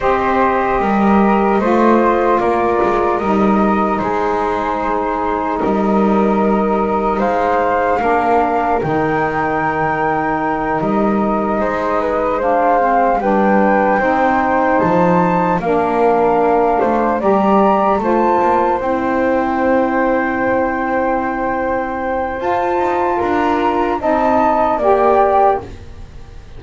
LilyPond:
<<
  \new Staff \with { instrumentName = "flute" } { \time 4/4 \tempo 4 = 75 dis''2. d''4 | dis''4 c''2 dis''4~ | dis''4 f''2 g''4~ | g''4. dis''2 f''8~ |
f''8 g''2 a''4 f''8~ | f''4. ais''4 a''4 g''8~ | g''1 | a''4 ais''4 a''4 g''4 | }
  \new Staff \with { instrumentName = "flute" } { \time 4/4 c''4 ais'4 c''4 ais'4~ | ais'4 gis'2 ais'4~ | ais'4 c''4 ais'2~ | ais'2~ ais'8 c''8 b'8 c''8~ |
c''8 b'4 c''2 ais'8~ | ais'4 c''8 d''4 c''4.~ | c''1~ | c''4 ais'4 dis''4 d''4 | }
  \new Staff \with { instrumentName = "saxophone" } { \time 4/4 g'2 f'2 | dis'1~ | dis'2 d'4 dis'4~ | dis'2.~ dis'8 d'8 |
c'8 d'4 dis'2 d'8~ | d'4. g'4 f'4 e'8~ | e'1 | f'2 dis'4 g'4 | }
  \new Staff \with { instrumentName = "double bass" } { \time 4/4 c'4 g4 a4 ais8 gis8 | g4 gis2 g4~ | g4 gis4 ais4 dis4~ | dis4. g4 gis4.~ |
gis8 g4 c'4 f4 ais8~ | ais4 a8 g4 a8 ais8 c'8~ | c'1 | f'8 dis'8 d'4 c'4 ais4 | }
>>